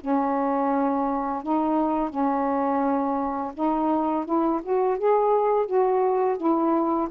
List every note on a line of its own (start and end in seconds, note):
0.00 1.43 C#4
1.43 2.09 D#4
2.09 3.52 C#4
3.54 4.25 D#4
4.25 4.61 E4
4.63 4.98 F#4
4.98 5.66 G#4
5.66 6.37 F#4
6.37 7.08 E4